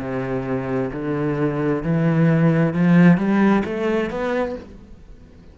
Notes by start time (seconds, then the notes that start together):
0.00 C3
0.93 D3
1.83 E3
2.74 F3
3.18 G3
3.65 A3
4.11 B3